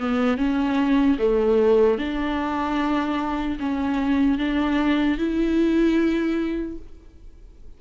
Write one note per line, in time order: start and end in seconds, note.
0.00 0.38 B3
0.38 1.18 C#4
1.19 1.98 A3
1.98 3.58 D4
3.60 4.38 C#4
4.38 5.18 D4
5.18 6.78 E4